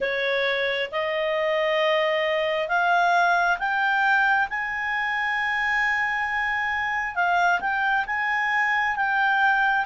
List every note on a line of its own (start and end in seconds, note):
0.00 0.90 C#5
0.91 2.68 D#5
2.68 3.57 F5
3.59 4.48 G5
4.49 7.15 G#5
7.15 7.60 F5
7.60 8.05 G5
8.06 8.96 G#5
8.96 9.85 G5